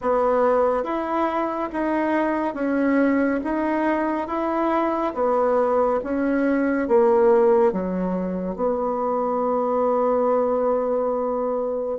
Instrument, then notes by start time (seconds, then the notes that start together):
bassoon
0.01 B3
0.83 E4
1.72 D#4
2.54 C#4
3.44 D#4
4.27 E4
5.14 B3
6.04 C#4
6.88 A#3
7.72 F#3
8.55 B3